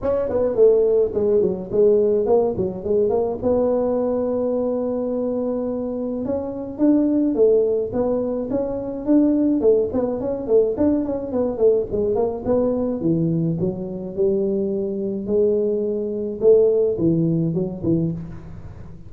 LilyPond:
\new Staff \with { instrumentName = "tuba" } { \time 4/4 \tempo 4 = 106 cis'8 b8 a4 gis8 fis8 gis4 | ais8 fis8 gis8 ais8 b2~ | b2. cis'4 | d'4 a4 b4 cis'4 |
d'4 a8 b8 cis'8 a8 d'8 cis'8 | b8 a8 gis8 ais8 b4 e4 | fis4 g2 gis4~ | gis4 a4 e4 fis8 e8 | }